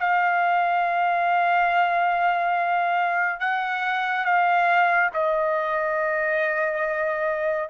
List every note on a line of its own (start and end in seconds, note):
0.00 3.41 F5
3.41 4.25 F#5
4.25 5.11 F5
5.14 7.70 D#5